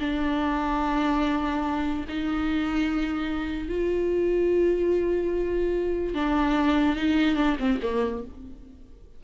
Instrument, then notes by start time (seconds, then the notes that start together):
viola
0.00 D4
2.09 D#4
3.69 F4
6.15 D4
6.96 D#4
7.36 D4
7.59 C4
7.83 A#3